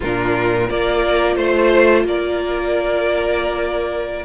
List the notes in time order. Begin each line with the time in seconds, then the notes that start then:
0.00 A#2 D4 F4 A#4
0.67 A#3 F4 A#4 D5
1.36 A3 C5
2.04 A#3 A#4 D5